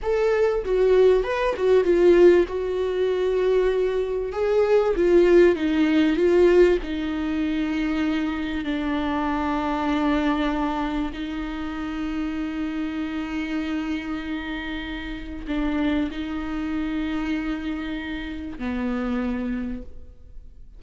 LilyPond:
\new Staff \with { instrumentName = "viola" } { \time 4/4 \tempo 4 = 97 a'4 fis'4 b'8 fis'8 f'4 | fis'2. gis'4 | f'4 dis'4 f'4 dis'4~ | dis'2 d'2~ |
d'2 dis'2~ | dis'1~ | dis'4 d'4 dis'2~ | dis'2 b2 | }